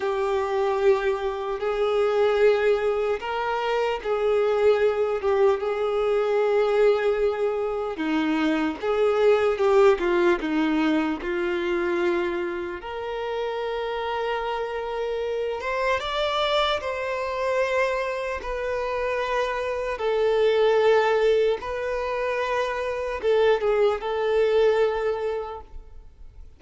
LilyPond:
\new Staff \with { instrumentName = "violin" } { \time 4/4 \tempo 4 = 75 g'2 gis'2 | ais'4 gis'4. g'8 gis'4~ | gis'2 dis'4 gis'4 | g'8 f'8 dis'4 f'2 |
ais'2.~ ais'8 c''8 | d''4 c''2 b'4~ | b'4 a'2 b'4~ | b'4 a'8 gis'8 a'2 | }